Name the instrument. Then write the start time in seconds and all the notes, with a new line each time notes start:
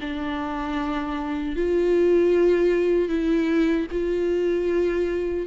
viola
0.00 D4
1.55 F4
3.09 E4
3.91 F4